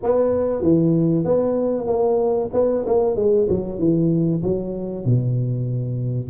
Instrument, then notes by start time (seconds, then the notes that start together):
tuba
0.02 B3
0.62 E3
1.24 B3
1.87 A#3
2.53 B3
2.86 A#3
3.16 G#3
3.49 F#3
3.78 E3
4.43 F#3
5.05 B2